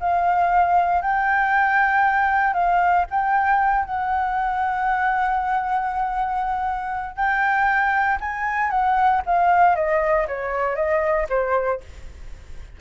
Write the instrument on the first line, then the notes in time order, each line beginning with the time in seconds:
flute
0.00 F5
1.02 G5
2.54 F5
3.10 G5
3.85 F#5
7.15 G5
8.21 G#5
8.70 F#5
9.26 F5
9.76 D#5
10.28 C#5
10.76 D#5
11.29 C5